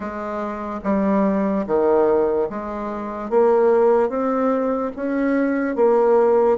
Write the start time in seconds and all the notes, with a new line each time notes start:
0.00 G#3
0.83 G3
1.66 D#3
2.49 G#3
3.30 A#3
4.09 C4
4.95 C#4
5.75 A#3